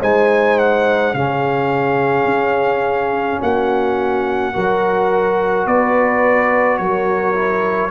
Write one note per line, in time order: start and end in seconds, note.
0.00 1.13 G#3
0.00 1.14 D#4
0.00 1.13 C5
0.00 0.58 G#5
0.58 1.13 F#5
1.13 2.25 C#3
1.13 4.53 C#4
1.13 3.41 G#4
1.13 3.40 F5
2.25 3.38 C#4
3.42 4.55 A#3
3.42 4.54 F#4
3.42 5.67 F#5
4.53 5.66 F#3
4.53 7.34 F#4
4.53 5.66 A#4
5.66 6.79 B3
5.66 6.79 B4
5.66 6.77 D5
6.77 7.91 F#3
6.77 7.91 A#4
6.77 7.90 C#5
7.34 7.90 E4